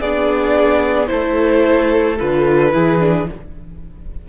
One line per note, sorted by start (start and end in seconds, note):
0.00 1.10 B3
0.00 1.07 D4
0.00 1.09 G#4
0.00 1.07 D5
1.07 2.20 A3
1.07 2.16 E4
1.07 2.74 A4
1.07 2.16 C5
2.20 2.74 D3
2.20 2.72 F4
2.20 3.29 B4
2.72 3.29 E3
2.72 3.00 E4
2.72 3.28 G#4
3.00 3.27 D4